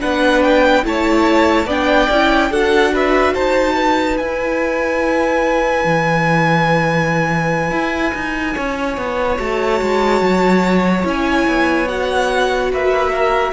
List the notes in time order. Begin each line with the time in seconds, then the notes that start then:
0.00 B3 D4 B4 F#5
0.43 G5
0.83 A3 E4 C#5 A5
1.65 B3 D4 D5 G5
2.10 C#4 E4
2.50 D4 F#4 A4 F#5
2.93 B4 E5
3.34 D#4 C5 A5
3.75 B4
4.17 E4 G#5
5.84 E3
7.71 E4
8.14 D#4
8.54 C#4 C#5
8.97 B3
9.37 A3 F#4 A5
9.81 G#3
10.21 F#3
11.03 C#4 E4 G#5
11.47 B3
11.88 F#4 F#5
12.72 A#3 B4 E5
13.11 A#4